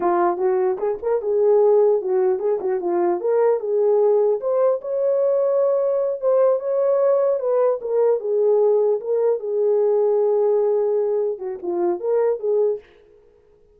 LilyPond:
\new Staff \with { instrumentName = "horn" } { \time 4/4 \tempo 4 = 150 f'4 fis'4 gis'8 ais'8 gis'4~ | gis'4 fis'4 gis'8 fis'8 f'4 | ais'4 gis'2 c''4 | cis''2.~ cis''8 c''8~ |
c''8 cis''2 b'4 ais'8~ | ais'8 gis'2 ais'4 gis'8~ | gis'1~ | gis'8 fis'8 f'4 ais'4 gis'4 | }